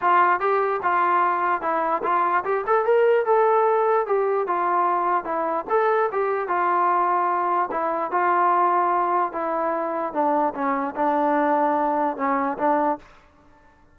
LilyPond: \new Staff \with { instrumentName = "trombone" } { \time 4/4 \tempo 4 = 148 f'4 g'4 f'2 | e'4 f'4 g'8 a'8 ais'4 | a'2 g'4 f'4~ | f'4 e'4 a'4 g'4 |
f'2. e'4 | f'2. e'4~ | e'4 d'4 cis'4 d'4~ | d'2 cis'4 d'4 | }